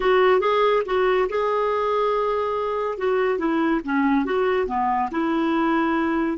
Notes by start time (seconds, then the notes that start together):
0.00 F#4
0.40 G#4
0.85 F#4
1.29 G#4
2.98 F#4
3.38 E4
3.84 C#4
4.25 F#4
4.67 B3
5.11 E4